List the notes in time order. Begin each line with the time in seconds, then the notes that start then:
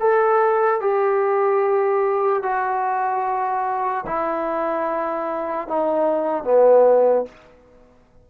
0.00 A4
0.81 G4
2.43 F#4
4.07 E4
5.68 D#4
6.44 B3